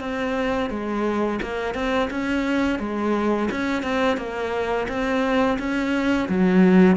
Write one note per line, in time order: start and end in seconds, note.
0.00 0.70 C4
0.70 1.40 G#3
1.42 1.74 A#3
1.74 2.09 C4
2.10 2.79 C#4
2.79 3.49 G#3
3.51 3.83 C#4
3.83 4.17 C4
4.17 4.87 A#3
4.88 5.58 C4
5.59 6.29 C#4
6.29 6.96 F#3